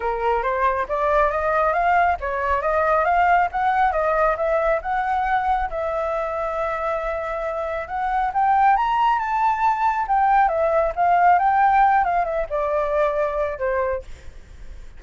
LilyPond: \new Staff \with { instrumentName = "flute" } { \time 4/4 \tempo 4 = 137 ais'4 c''4 d''4 dis''4 | f''4 cis''4 dis''4 f''4 | fis''4 dis''4 e''4 fis''4~ | fis''4 e''2.~ |
e''2 fis''4 g''4 | ais''4 a''2 g''4 | e''4 f''4 g''4. f''8 | e''8 d''2~ d''8 c''4 | }